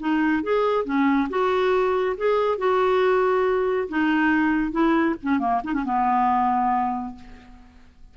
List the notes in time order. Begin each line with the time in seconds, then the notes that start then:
0.00 D#4
0.43 G#4
0.85 C#4
1.30 F#4
2.17 G#4
2.58 F#4
3.89 D#4
4.72 E4
5.23 C#4
5.40 A#3
5.64 D#4
5.74 C#4
5.85 B3